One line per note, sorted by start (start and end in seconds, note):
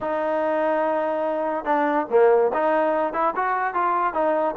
0.01 1.64 D#4
1.64 2.06 D4
2.09 2.51 A#3
2.53 3.13 D#4
3.13 3.34 E4
3.35 3.74 F#4
3.74 4.13 F4
4.13 4.55 D#4